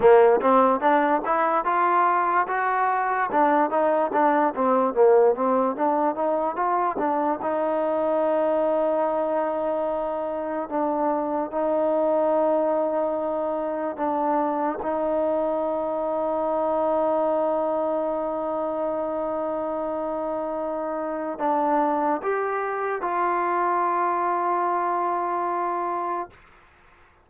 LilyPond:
\new Staff \with { instrumentName = "trombone" } { \time 4/4 \tempo 4 = 73 ais8 c'8 d'8 e'8 f'4 fis'4 | d'8 dis'8 d'8 c'8 ais8 c'8 d'8 dis'8 | f'8 d'8 dis'2.~ | dis'4 d'4 dis'2~ |
dis'4 d'4 dis'2~ | dis'1~ | dis'2 d'4 g'4 | f'1 | }